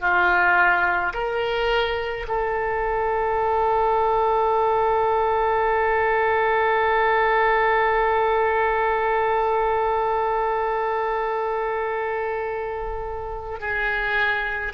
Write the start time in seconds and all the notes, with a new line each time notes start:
0.00 F4
1.13 A#4
2.27 A4
13.60 G#4